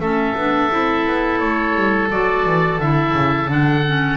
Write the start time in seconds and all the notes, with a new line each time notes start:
0.00 A3 C#4 A4 E5
0.35 B3 D4
0.70 C4 E4
1.07 B3
1.38 A3 C#5
1.75 G3
2.10 F#3 F#4 D5
2.45 E3
2.78 D3 E4 E5
3.13 C#3
3.47 D3 D4 F#5
3.86 C#4